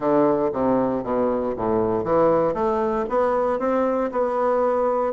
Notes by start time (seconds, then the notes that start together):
0.00 D3
0.53 C3
1.03 B2
1.56 A2
2.04 E3
2.54 A3
3.09 B3
3.59 C4
4.11 B3